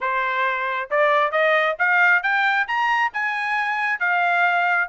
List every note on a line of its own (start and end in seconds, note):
0.00 0.89 C5
0.90 1.31 D5
1.31 1.76 D#5
1.78 2.22 F5
2.22 2.67 G5
2.67 3.12 A#5
3.13 3.99 G#5
3.99 4.88 F5